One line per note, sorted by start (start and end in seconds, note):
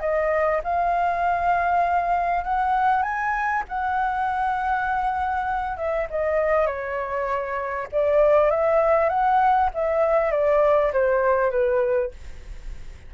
0.00 0.61 D#5
0.64 2.44 F5
2.44 3.02 F#5
3.02 3.63 G#5
3.68 5.77 F#5
5.77 6.07 E5
6.10 6.66 D#5
6.66 7.88 C#5
7.92 8.50 D5
8.50 9.09 E5
9.09 9.70 F#5
9.74 10.31 E5
10.31 10.92 D5
10.93 11.51 C5
11.51 12.11 B4